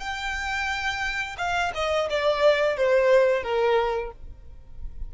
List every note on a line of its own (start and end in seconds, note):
0.00 1.36 G5
1.38 1.72 F5
1.74 2.09 D#5
2.10 2.77 D5
2.77 3.43 C5
3.43 4.11 A#4